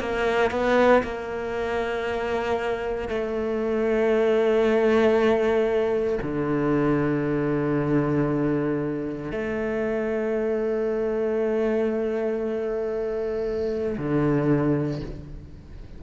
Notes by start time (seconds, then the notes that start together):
0.00 A#3
0.50 B3
1.03 A#3
3.08 A3
6.22 D3
9.32 A3
13.97 D3